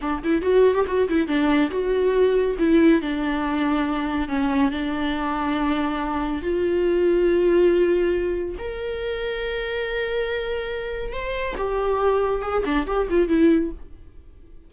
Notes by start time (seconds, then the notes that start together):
0.01 D4
0.23 E4
0.42 F#4
0.74 G4
0.87 F#4
1.08 E4
1.27 D4
1.70 F#4
2.58 E4
3.01 D4
4.28 C#4
4.71 D4
6.41 F4
8.58 A#4
11.12 C5
11.57 G4
12.42 G#4
12.65 D4
12.86 G4
13.10 F4
13.28 E4